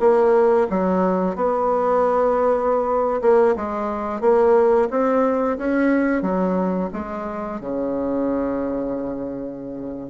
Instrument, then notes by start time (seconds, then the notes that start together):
bassoon
0.00 A#3
0.70 F#3
1.36 B3
3.21 A#3
3.56 G#3
4.21 A#3
4.90 C4
5.58 C#4
6.22 F#3
6.93 G#3
7.61 C#3